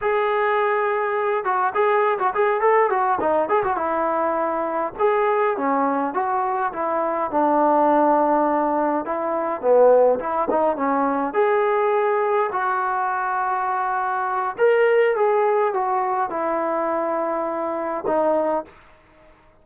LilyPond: \new Staff \with { instrumentName = "trombone" } { \time 4/4 \tempo 4 = 103 gis'2~ gis'8 fis'8 gis'8. fis'16 | gis'8 a'8 fis'8 dis'8 gis'16 fis'16 e'4.~ | e'8 gis'4 cis'4 fis'4 e'8~ | e'8 d'2. e'8~ |
e'8 b4 e'8 dis'8 cis'4 gis'8~ | gis'4. fis'2~ fis'8~ | fis'4 ais'4 gis'4 fis'4 | e'2. dis'4 | }